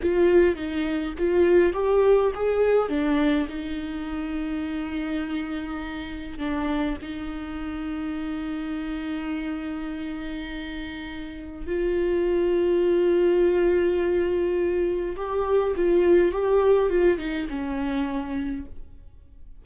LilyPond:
\new Staff \with { instrumentName = "viola" } { \time 4/4 \tempo 4 = 103 f'4 dis'4 f'4 g'4 | gis'4 d'4 dis'2~ | dis'2. d'4 | dis'1~ |
dis'1 | f'1~ | f'2 g'4 f'4 | g'4 f'8 dis'8 cis'2 | }